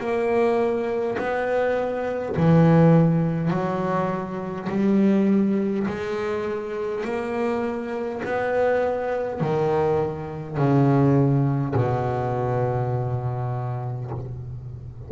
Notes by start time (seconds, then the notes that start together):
0.00 A#3
1.18 B3
2.37 E3
3.50 F#3
4.70 G3
5.88 G#3
7.05 A#3
8.25 B3
9.41 D#3
10.57 C#3
11.75 B2